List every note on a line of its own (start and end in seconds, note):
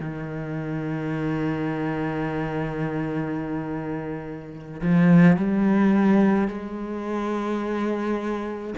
0.00 4.81 D#3
4.82 5.37 F3
5.37 6.48 G3
6.48 8.74 G#3